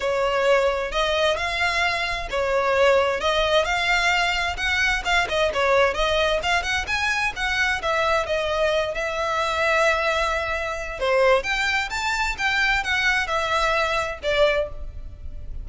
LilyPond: \new Staff \with { instrumentName = "violin" } { \time 4/4 \tempo 4 = 131 cis''2 dis''4 f''4~ | f''4 cis''2 dis''4 | f''2 fis''4 f''8 dis''8 | cis''4 dis''4 f''8 fis''8 gis''4 |
fis''4 e''4 dis''4. e''8~ | e''1 | c''4 g''4 a''4 g''4 | fis''4 e''2 d''4 | }